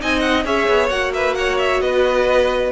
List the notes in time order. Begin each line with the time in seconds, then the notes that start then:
0.00 C4 D#4 D#5 G#5
0.20 F#5
0.45 C#4 G#4 C#5 E5
0.69 B3
0.89 A#3 F#4 F#5
1.14 B4 E5
1.35 C#5 F#5
1.59 E5
1.81 B3 B4 D#5